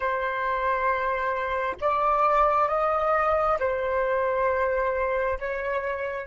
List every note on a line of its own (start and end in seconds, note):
0.00 1.75 C5
1.80 2.68 D5
2.68 3.58 D#5
3.59 5.39 C5
5.39 6.26 C#5